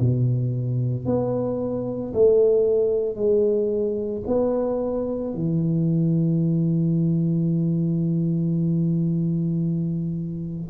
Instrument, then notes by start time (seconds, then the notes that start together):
tuba
0.00 B2
1.05 B3
2.13 A3
3.16 G#3
4.27 B3
5.34 E3